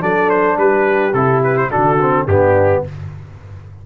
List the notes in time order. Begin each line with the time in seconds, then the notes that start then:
0.00 F#3 D4 A4 D5
0.29 C5
0.57 G3 G4 B4
1.13 C3 E4 A4
1.44 B4
1.57 C5
1.70 D3 D4 F#4 A4
2.01 C4
2.26 G2 B3 D4 G4